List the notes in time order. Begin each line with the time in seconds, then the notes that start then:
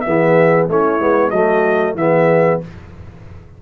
0.00 B3 G#4 E5
0.06 E3
0.68 A3 C#4 E4 C#5
0.99 G#3 B3
1.30 F#3 A3 F#4 D#5
1.95 E3 B3 G#4 E5